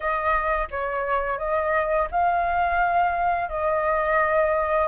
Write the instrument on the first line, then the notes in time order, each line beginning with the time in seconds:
flute
0.00 D#5
0.70 C#5
1.38 D#5
2.11 F5
3.49 D#5